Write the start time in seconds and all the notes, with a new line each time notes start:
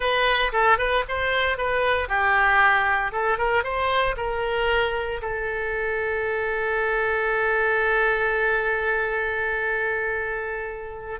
0.00 B4
0.52 A4
0.78 B4
1.08 C5
1.57 B4
2.08 G4
3.11 A4
3.38 A#4
3.63 C5
4.16 A#4
5.21 A4